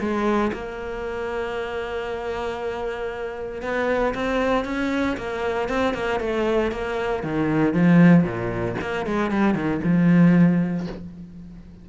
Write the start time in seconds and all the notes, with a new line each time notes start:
0.00 G#3
0.53 A#3
3.62 B3
4.14 C4
4.65 C#4
5.17 A#3
5.69 C4
5.94 A#3
6.20 A3
6.72 A#3
7.24 D#3
7.74 F3
8.24 A#2
8.81 A#3
9.06 G#3
9.31 G3
9.55 D#3
9.84 F3